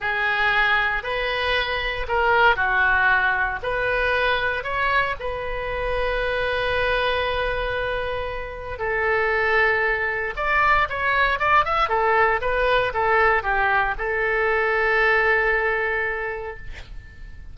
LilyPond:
\new Staff \with { instrumentName = "oboe" } { \time 4/4 \tempo 4 = 116 gis'2 b'2 | ais'4 fis'2 b'4~ | b'4 cis''4 b'2~ | b'1~ |
b'4 a'2. | d''4 cis''4 d''8 e''8 a'4 | b'4 a'4 g'4 a'4~ | a'1 | }